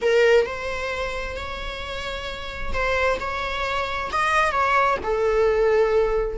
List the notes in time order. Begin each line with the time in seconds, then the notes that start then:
0.01 A#4
0.46 C5
1.36 C#5
2.73 C5
3.19 C#5
4.12 D#5
4.51 C#5
5.03 A4